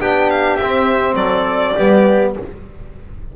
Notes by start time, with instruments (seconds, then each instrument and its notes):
0.00 double bass B3, trombone D4, trumpet G4, violin G5
0.30 violin F5
0.56 double bass C4, violin E5
0.63 trombone C4
1.15 double bass F#3, trumpet A4, violin D5
1.75 double bass G3, trombone B3, trumpet G4